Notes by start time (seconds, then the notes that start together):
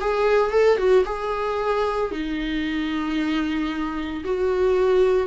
0.00 G#4
0.51 A4
0.77 F#4
1.05 G#4
2.11 D#4
4.24 F#4